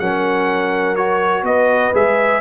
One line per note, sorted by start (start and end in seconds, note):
0.00 1.43 F#3
0.00 0.97 C#4
0.00 1.46 A#4
0.00 0.96 F#5
0.96 1.94 F#4
0.96 1.44 C#5
1.43 1.92 B3
1.43 2.41 B4
1.43 1.94 D#5
1.94 2.41 G#3
1.94 2.41 G#4
1.94 2.41 E5